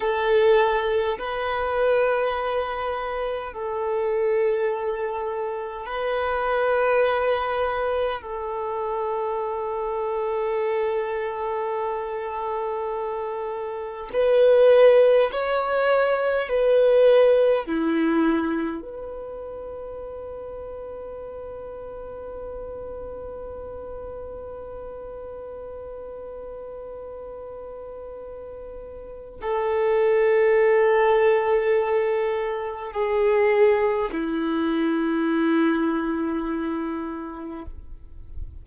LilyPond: \new Staff \with { instrumentName = "violin" } { \time 4/4 \tempo 4 = 51 a'4 b'2 a'4~ | a'4 b'2 a'4~ | a'1 | b'4 cis''4 b'4 e'4 |
b'1~ | b'1~ | b'4 a'2. | gis'4 e'2. | }